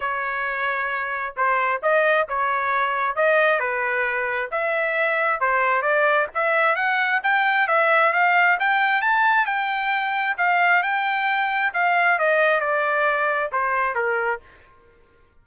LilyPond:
\new Staff \with { instrumentName = "trumpet" } { \time 4/4 \tempo 4 = 133 cis''2. c''4 | dis''4 cis''2 dis''4 | b'2 e''2 | c''4 d''4 e''4 fis''4 |
g''4 e''4 f''4 g''4 | a''4 g''2 f''4 | g''2 f''4 dis''4 | d''2 c''4 ais'4 | }